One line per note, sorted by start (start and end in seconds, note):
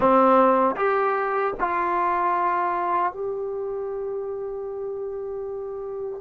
0.00 0.75 C4
0.76 1.54 G4
1.59 3.12 F4
3.12 6.21 G4